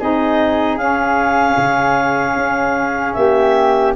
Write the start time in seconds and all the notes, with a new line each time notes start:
0.00 C4 D#4 G#4 D#5
0.77 C#4 F5
1.57 C#3
2.36 C#4
3.14 A#3 G4 E5